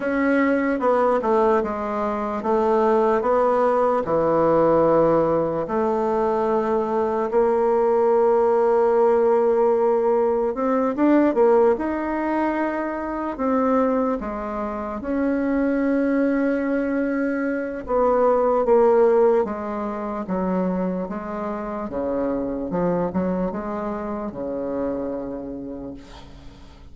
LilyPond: \new Staff \with { instrumentName = "bassoon" } { \time 4/4 \tempo 4 = 74 cis'4 b8 a8 gis4 a4 | b4 e2 a4~ | a4 ais2.~ | ais4 c'8 d'8 ais8 dis'4.~ |
dis'8 c'4 gis4 cis'4.~ | cis'2 b4 ais4 | gis4 fis4 gis4 cis4 | f8 fis8 gis4 cis2 | }